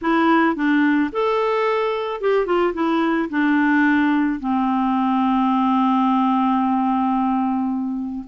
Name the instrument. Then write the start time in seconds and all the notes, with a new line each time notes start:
clarinet
0.02 E4
0.55 D4
1.12 A4
2.20 G4
2.45 F4
2.73 E4
3.29 D4
4.39 C4